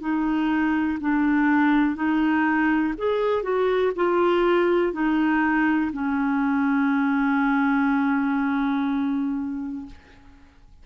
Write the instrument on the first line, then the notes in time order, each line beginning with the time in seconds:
clarinet
0.00 D#4
1.00 D4
1.95 D#4
2.97 G#4
3.42 F#4
3.95 F4
4.92 D#4
5.92 C#4